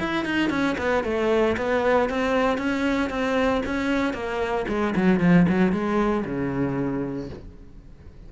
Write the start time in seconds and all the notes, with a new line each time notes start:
0.00 E4
0.25 D#4
0.51 C#4
0.78 B3
1.04 A3
1.58 B3
2.10 C4
2.58 C#4
3.10 C4
3.66 C#4
4.14 A#3
4.69 G#3
4.96 F#3
5.21 F3
5.49 F#3
5.73 G#3
6.26 C#3